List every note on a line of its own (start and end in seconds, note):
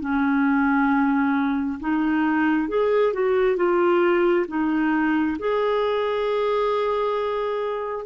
0.00 1.79 C#4
1.80 2.68 D#4
2.68 3.13 G#4
3.13 3.56 F#4
3.56 4.46 F4
4.47 5.37 D#4
5.39 8.06 G#4